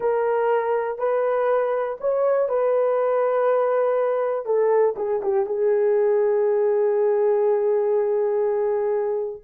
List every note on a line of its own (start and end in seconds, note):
0.00 0.98 A#4
0.98 1.97 B4
2.00 2.48 C#5
2.48 4.45 B4
4.45 4.95 A4
4.96 5.21 G#4
5.22 5.46 G4
5.46 9.42 G#4